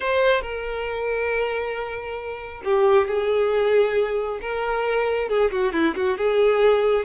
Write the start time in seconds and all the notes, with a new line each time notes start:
0.00 C5
0.41 A#4
2.64 G4
3.07 G#4
4.41 A#4
5.28 G#4
5.51 F#4
5.72 E4
5.95 F#4
6.17 G#4